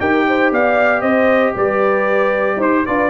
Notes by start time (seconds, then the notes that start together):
0.00 D#4 G4 A#4 G5
0.28 C5
0.52 B3 D5 F5
1.02 C4 C5 D#5
1.55 G3 B4 D5
2.57 D#4 C5
2.86 D4 F4 B4 D5